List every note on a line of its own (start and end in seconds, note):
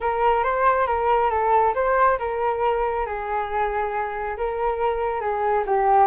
0.01 0.43 A#4
0.43 0.86 C5
0.86 1.30 A#4
1.30 1.74 A4
1.74 2.18 C5
2.19 3.06 A#4
3.06 4.36 G#4
4.37 5.20 A#4
5.20 5.64 G#4
5.66 6.07 G4